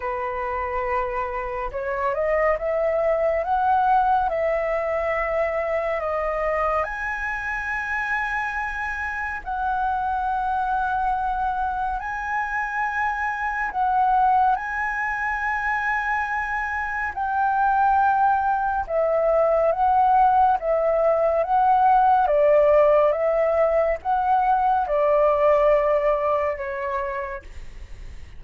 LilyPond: \new Staff \with { instrumentName = "flute" } { \time 4/4 \tempo 4 = 70 b'2 cis''8 dis''8 e''4 | fis''4 e''2 dis''4 | gis''2. fis''4~ | fis''2 gis''2 |
fis''4 gis''2. | g''2 e''4 fis''4 | e''4 fis''4 d''4 e''4 | fis''4 d''2 cis''4 | }